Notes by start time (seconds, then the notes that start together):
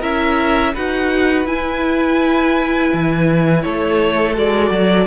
0.00 C#4 E4 A#4 E5
0.73 D#4 F#4 B4 F#5
1.44 E4 G#5
2.93 E3
3.62 A3 A4 C#5
4.35 G#3 F#4 D5
4.70 F#3